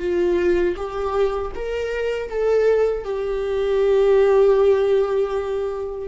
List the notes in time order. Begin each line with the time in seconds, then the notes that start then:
0.00 F4
0.77 G4
1.55 A#4
2.30 A4
3.05 G4